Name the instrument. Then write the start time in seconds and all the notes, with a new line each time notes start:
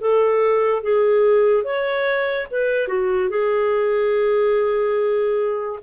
clarinet
0.00 A4
0.83 G#4
1.64 C#5
2.51 B4
2.88 F#4
3.30 G#4